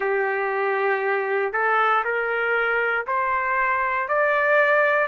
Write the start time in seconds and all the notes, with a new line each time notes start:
0.00 G4
1.53 A4
2.04 A#4
3.06 C5
4.08 D5